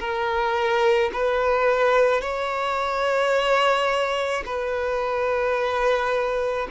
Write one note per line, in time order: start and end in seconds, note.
0.00 1.11 A#4
1.13 2.22 B4
2.22 4.44 C#5
4.46 6.68 B4